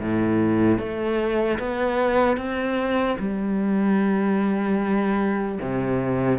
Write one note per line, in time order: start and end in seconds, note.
0.00 0.79 A2
0.79 1.59 A3
1.59 2.37 B3
2.37 3.17 C4
3.19 5.59 G3
5.61 6.39 C3